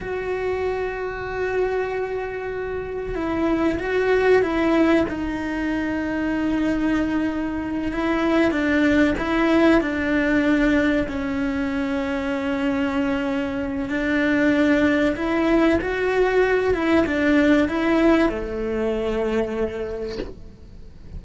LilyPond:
\new Staff \with { instrumentName = "cello" } { \time 4/4 \tempo 4 = 95 fis'1~ | fis'4 e'4 fis'4 e'4 | dis'1~ | dis'8 e'4 d'4 e'4 d'8~ |
d'4. cis'2~ cis'8~ | cis'2 d'2 | e'4 fis'4. e'8 d'4 | e'4 a2. | }